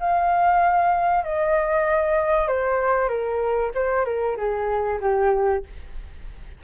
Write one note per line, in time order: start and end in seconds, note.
0.00 1.24 F5
1.24 2.48 D#5
2.48 3.09 C5
3.09 3.71 A#4
3.75 4.05 C5
4.05 4.37 A#4
4.37 5.00 G#4
5.01 5.63 G4